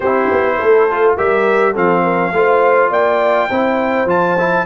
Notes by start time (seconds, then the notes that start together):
0.00 C4 E4 G4 C5
0.31 B3
0.58 A3 A4
0.90 F4
1.16 G3 G4 A#4 E5
1.72 F3 C4 A4 F5
2.03 A#4
2.32 A3 F4 C5
2.90 A#3 D5 G5
3.49 C4 E4 C5
4.05 F3 F4 A5
4.38 E4